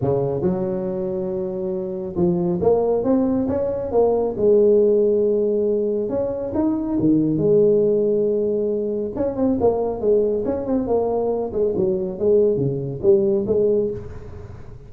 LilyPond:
\new Staff \with { instrumentName = "tuba" } { \time 4/4 \tempo 4 = 138 cis4 fis2.~ | fis4 f4 ais4 c'4 | cis'4 ais4 gis2~ | gis2 cis'4 dis'4 |
dis4 gis2.~ | gis4 cis'8 c'8 ais4 gis4 | cis'8 c'8 ais4. gis8 fis4 | gis4 cis4 g4 gis4 | }